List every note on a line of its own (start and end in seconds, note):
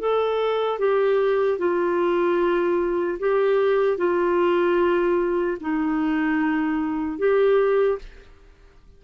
0.00 0.79 A4
0.79 1.59 G4
1.59 3.19 F4
3.20 3.98 G4
3.98 5.58 F4
5.61 7.19 D#4
7.19 7.99 G4